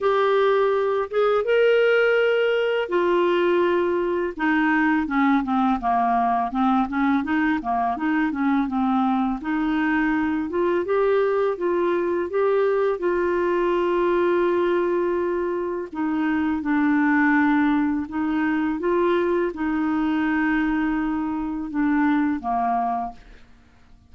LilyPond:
\new Staff \with { instrumentName = "clarinet" } { \time 4/4 \tempo 4 = 83 g'4. gis'8 ais'2 | f'2 dis'4 cis'8 c'8 | ais4 c'8 cis'8 dis'8 ais8 dis'8 cis'8 | c'4 dis'4. f'8 g'4 |
f'4 g'4 f'2~ | f'2 dis'4 d'4~ | d'4 dis'4 f'4 dis'4~ | dis'2 d'4 ais4 | }